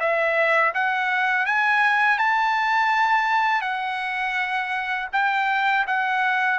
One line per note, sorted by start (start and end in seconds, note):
0.00 0.73 E5
0.75 1.46 F#5
1.46 2.19 G#5
2.19 3.62 A5
3.62 5.08 F#5
5.13 5.86 G5
5.87 6.60 F#5